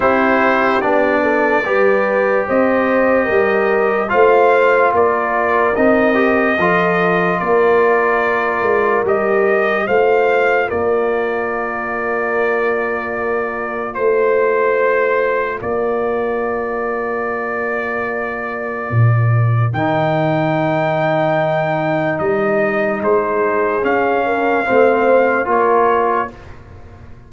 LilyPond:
<<
  \new Staff \with { instrumentName = "trumpet" } { \time 4/4 \tempo 4 = 73 c''4 d''2 dis''4~ | dis''4 f''4 d''4 dis''4~ | dis''4 d''2 dis''4 | f''4 d''2.~ |
d''4 c''2 d''4~ | d''1 | g''2. dis''4 | c''4 f''2 cis''4 | }
  \new Staff \with { instrumentName = "horn" } { \time 4/4 g'4. a'8 b'4 c''4 | ais'4 c''4 ais'2 | a'4 ais'2. | c''4 ais'2.~ |
ais'4 c''2 ais'4~ | ais'1~ | ais'1 | gis'4. ais'8 c''4 ais'4 | }
  \new Staff \with { instrumentName = "trombone" } { \time 4/4 e'4 d'4 g'2~ | g'4 f'2 dis'8 g'8 | f'2. g'4 | f'1~ |
f'1~ | f'1 | dis'1~ | dis'4 cis'4 c'4 f'4 | }
  \new Staff \with { instrumentName = "tuba" } { \time 4/4 c'4 b4 g4 c'4 | g4 a4 ais4 c'4 | f4 ais4. gis8 g4 | a4 ais2.~ |
ais4 a2 ais4~ | ais2. ais,4 | dis2. g4 | gis4 cis'4 a4 ais4 | }
>>